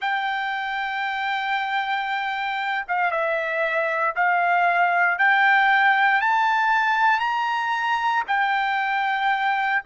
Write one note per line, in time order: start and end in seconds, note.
0.01 2.85 G5
2.87 3.11 F5
3.11 4.14 E5
4.15 5.18 F5
5.18 6.21 G5
6.21 7.19 A5
7.19 8.23 A#5
8.27 9.82 G5